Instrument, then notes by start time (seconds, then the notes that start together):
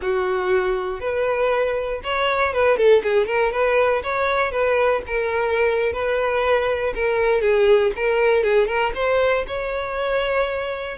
violin
0.01 F#4
1.00 B4
2.03 C#5
2.53 B4
2.77 A4
3.03 G#4
3.26 A#4
3.52 B4
4.03 C#5
4.51 B4
5.06 A#4
5.92 B4
6.94 A#4
7.41 G#4
7.95 A#4
8.43 G#4
8.67 A#4
8.94 C5
9.47 C#5